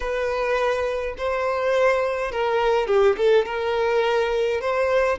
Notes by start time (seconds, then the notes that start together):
0.00 B4
1.17 C5
2.31 A#4
2.87 G4
3.17 A4
3.45 A#4
4.60 C5